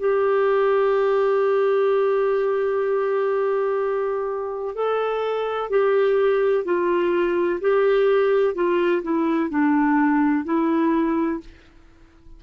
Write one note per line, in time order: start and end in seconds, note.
0.00 4.75 G4
4.75 5.71 A4
5.71 6.65 G4
6.65 7.60 F4
7.61 8.55 G4
8.55 9.03 F4
9.03 9.51 E4
9.51 10.45 D4
10.45 11.41 E4